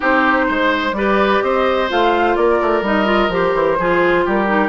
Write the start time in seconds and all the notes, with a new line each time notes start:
0.00 C4 D#4 G4 C5
0.48 G#3 C5
0.92 G3 G4 B4 D5
1.42 C4 C5 D#5
1.88 A3 F4 F5
2.36 A#3 A#4 D5
2.61 A3
2.81 G3 D#4 D#5
3.05 F4
3.28 F3 G4 C5
3.54 E3
3.78 F3 F4 G#4
4.25 G3 G4 A#4
4.46 D#4